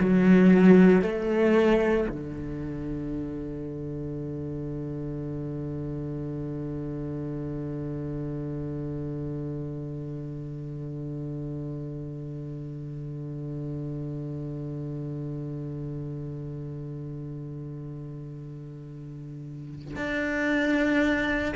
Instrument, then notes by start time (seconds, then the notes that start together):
cello
0.00 F#3
1.02 A3
2.10 D3
19.96 D4